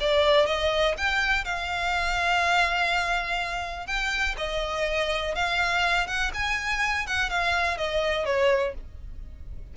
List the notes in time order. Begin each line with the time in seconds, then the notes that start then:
0.00 D5
0.46 D#5
0.97 G5
1.44 F5
3.86 G5
4.37 D#5
5.35 F5
6.07 F#5
6.34 G#5
7.06 F#5
7.30 F5
7.77 D#5
8.25 C#5